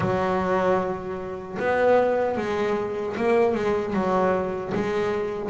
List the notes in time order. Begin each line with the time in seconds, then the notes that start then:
0.00 F#3
1.59 B3
2.37 G#3
3.17 A#3
3.54 G#3
3.93 F#3
4.74 G#3